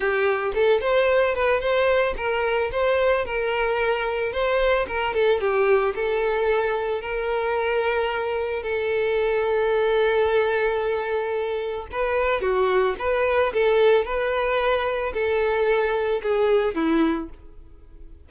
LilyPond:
\new Staff \with { instrumentName = "violin" } { \time 4/4 \tempo 4 = 111 g'4 a'8 c''4 b'8 c''4 | ais'4 c''4 ais'2 | c''4 ais'8 a'8 g'4 a'4~ | a'4 ais'2. |
a'1~ | a'2 b'4 fis'4 | b'4 a'4 b'2 | a'2 gis'4 e'4 | }